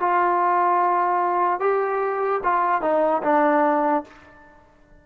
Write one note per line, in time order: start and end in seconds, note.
0.00 1.60 F4
1.60 2.41 G4
2.44 2.82 F4
2.82 3.22 D#4
3.23 4.04 D4